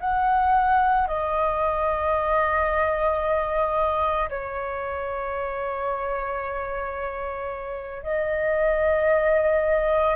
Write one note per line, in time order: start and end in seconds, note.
0.00 1.07 F#5
1.07 4.29 D#5
4.29 8.03 C#5
8.03 10.16 D#5